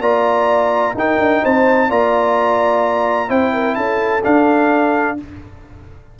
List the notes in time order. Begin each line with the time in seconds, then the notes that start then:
0.00 A#3 F4 D5 A#5
0.95 D#4 A#4 G5
1.19 D4
1.43 C4 C5 A5
1.89 A#3 F4 D5 A#5
3.29 C4 E4 C5 G5
3.53 A#4
3.75 C#4 A4 A5
4.24 D4 F5